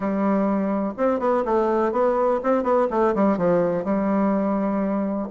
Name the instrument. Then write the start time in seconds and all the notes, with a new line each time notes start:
bassoon
0.00 G3
0.97 C4
1.19 B3
1.45 A3
1.92 B3
2.43 C4
2.63 B3
2.90 A3
3.14 G3
3.37 F3
3.84 G3